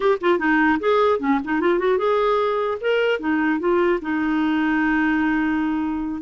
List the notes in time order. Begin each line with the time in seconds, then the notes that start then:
0.00 G4
0.20 F4
0.38 D#4
0.79 G#4
1.19 C#4
1.44 D#4
1.60 F4
1.78 F#4
1.98 G#4
2.81 A#4
3.19 D#4
3.59 F4
4.01 D#4